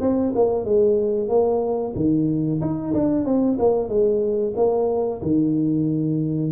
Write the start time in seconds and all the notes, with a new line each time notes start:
0.00 C4
0.35 A#3
0.64 G#3
1.28 A#3
1.95 D#3
2.61 D#4
2.93 D4
3.25 C4
3.59 A#3
3.89 G#3
4.56 A#3
5.21 D#3